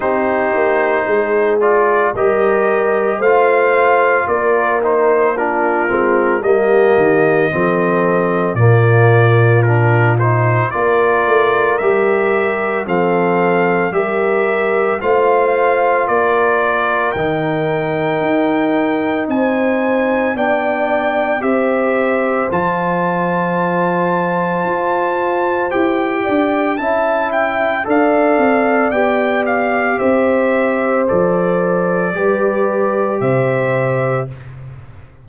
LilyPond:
<<
  \new Staff \with { instrumentName = "trumpet" } { \time 4/4 \tempo 4 = 56 c''4. d''8 dis''4 f''4 | d''8 c''8 ais'4 dis''2 | d''4 ais'8 c''8 d''4 e''4 | f''4 e''4 f''4 d''4 |
g''2 gis''4 g''4 | e''4 a''2. | g''4 a''8 g''8 f''4 g''8 f''8 | e''4 d''2 e''4 | }
  \new Staff \with { instrumentName = "horn" } { \time 4/4 g'4 gis'4 ais'4 c''4 | ais'4 f'4 g'4 a'4 | f'2 ais'2 | a'4 ais'4 c''4 ais'4~ |
ais'2 c''4 d''4 | c''1~ | c''8 d''8 e''4 d''2 | c''2 b'4 c''4 | }
  \new Staff \with { instrumentName = "trombone" } { \time 4/4 dis'4. f'8 g'4 f'4~ | f'8 dis'8 d'8 c'8 ais4 c'4 | ais4 d'8 dis'8 f'4 g'4 | c'4 g'4 f'2 |
dis'2. d'4 | g'4 f'2. | g'4 e'4 a'4 g'4~ | g'4 a'4 g'2 | }
  \new Staff \with { instrumentName = "tuba" } { \time 4/4 c'8 ais8 gis4 g4 a4 | ais4. gis8 g8 dis8 f4 | ais,2 ais8 a8 g4 | f4 g4 a4 ais4 |
dis4 dis'4 c'4 b4 | c'4 f2 f'4 | e'8 d'8 cis'4 d'8 c'8 b4 | c'4 f4 g4 c4 | }
>>